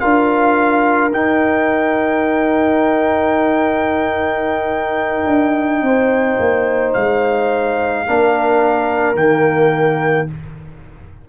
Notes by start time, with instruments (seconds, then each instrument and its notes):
0.00 tuba D4, trombone F4, horn A#4, trumpet F5
1.10 tuba D#4, trombone D#4, trumpet G5
5.26 tuba D4
5.82 tuba C4, horn C5
6.39 tuba A#3
6.94 tuba G#3, trumpet F5
8.07 tuba A#3, trombone D4, horn A#4
9.15 tuba D#3, trombone A#3, trumpet G5